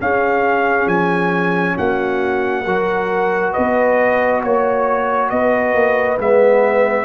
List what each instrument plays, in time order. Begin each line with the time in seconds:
0.00 trombone C#4, tuba C#4, horn G#4, trumpet F5
0.86 tuba F3, trumpet G#5
1.77 tuba A#3, horn F#4, trumpet F#5
2.64 tuba F#3, trombone F#4, horn A#4
3.52 tuba B3, horn B4, trumpet D#5
4.42 tuba A#3, horn C#5, trumpet C#5
5.29 tuba B3, horn B4, trumpet D#5
5.73 tuba A#3
6.18 tuba G#3, trombone B3, trumpet E5